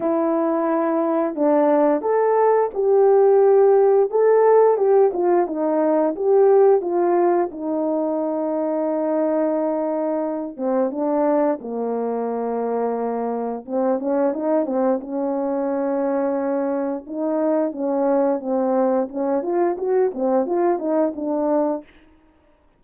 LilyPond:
\new Staff \with { instrumentName = "horn" } { \time 4/4 \tempo 4 = 88 e'2 d'4 a'4 | g'2 a'4 g'8 f'8 | dis'4 g'4 f'4 dis'4~ | dis'2.~ dis'8 c'8 |
d'4 ais2. | c'8 cis'8 dis'8 c'8 cis'2~ | cis'4 dis'4 cis'4 c'4 | cis'8 f'8 fis'8 c'8 f'8 dis'8 d'4 | }